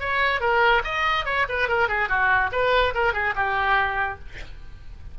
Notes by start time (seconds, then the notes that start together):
0.00 C#5
0.40 A#4
0.84 D#5
1.25 C#5
1.49 B4
1.68 A#4
1.88 G#4
2.09 F#4
2.52 B4
2.94 A#4
3.13 G#4
3.35 G4